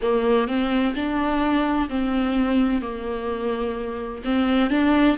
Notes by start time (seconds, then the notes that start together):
0.02 A#3
0.47 C4
0.95 D4
1.89 C4
2.81 A#3
4.24 C4
4.70 D4